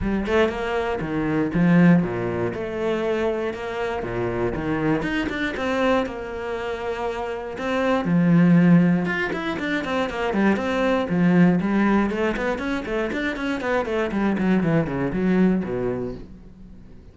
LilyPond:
\new Staff \with { instrumentName = "cello" } { \time 4/4 \tempo 4 = 119 g8 a8 ais4 dis4 f4 | ais,4 a2 ais4 | ais,4 dis4 dis'8 d'8 c'4 | ais2. c'4 |
f2 f'8 e'8 d'8 c'8 | ais8 g8 c'4 f4 g4 | a8 b8 cis'8 a8 d'8 cis'8 b8 a8 | g8 fis8 e8 cis8 fis4 b,4 | }